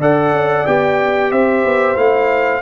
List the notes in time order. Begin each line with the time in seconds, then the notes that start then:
0.00 D4 A4 D5 F#5
0.32 C#4
0.66 B3 G4 G5
1.31 C4 C5 E5
1.64 B3
1.96 A3 E4 F5